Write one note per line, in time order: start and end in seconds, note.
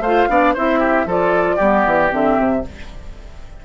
0.00 0.26 A3
0.00 0.29 F4
0.00 0.28 C5
0.00 0.54 F5
0.29 0.55 B3
0.29 0.55 D4
0.29 0.54 D5
0.54 1.06 C4
0.54 1.08 E4
0.54 0.79 C5
0.54 1.10 E5
0.79 1.05 G4
1.06 1.58 F3
1.06 1.59 F4
1.06 1.56 A4
1.06 2.13 D5
1.56 1.86 G3
1.56 2.09 B3
1.56 2.60 G4
1.86 2.12 E3
2.09 2.38 D3
2.09 2.62 C4
2.09 2.65 E5
2.38 2.65 C3